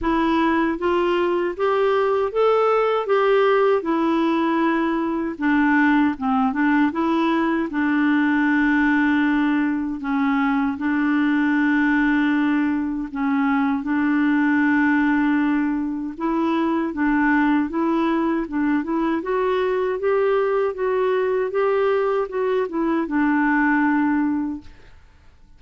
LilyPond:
\new Staff \with { instrumentName = "clarinet" } { \time 4/4 \tempo 4 = 78 e'4 f'4 g'4 a'4 | g'4 e'2 d'4 | c'8 d'8 e'4 d'2~ | d'4 cis'4 d'2~ |
d'4 cis'4 d'2~ | d'4 e'4 d'4 e'4 | d'8 e'8 fis'4 g'4 fis'4 | g'4 fis'8 e'8 d'2 | }